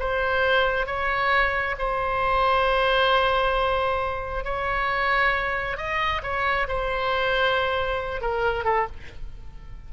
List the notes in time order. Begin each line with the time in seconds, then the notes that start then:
0.00 C5
0.87 C#5
1.79 C5
4.45 C#5
5.78 D#5
6.23 C#5
6.68 C5
8.22 A#4
8.65 A4